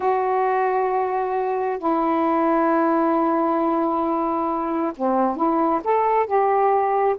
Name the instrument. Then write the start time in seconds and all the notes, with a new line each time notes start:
saxophone
0.00 F#4
1.78 E4
4.96 C4
5.36 E4
5.84 A4
6.26 G4